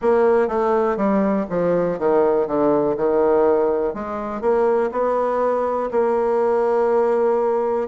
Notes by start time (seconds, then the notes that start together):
0.01 A#3
0.47 A3
0.96 G3
1.49 F3
1.99 D#3
2.47 D3
2.96 D#3
3.93 G#3
4.41 A#3
4.91 B3
5.91 A#3